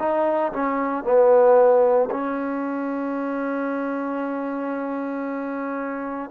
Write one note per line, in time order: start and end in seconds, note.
0.00 0.53 D#4
0.53 1.05 C#4
1.05 2.10 B3
2.11 6.31 C#4